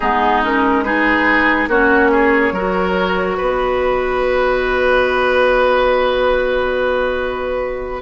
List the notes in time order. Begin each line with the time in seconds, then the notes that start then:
0.00 G#3 B3 D#4 G#4
0.43 C#4 A#4
0.83 D#4 G#4 B4
1.67 A#3 C#4 F#4 C#5
2.11 G#4
2.52 F#3 F#4 A#4
3.37 B3 B4 D#5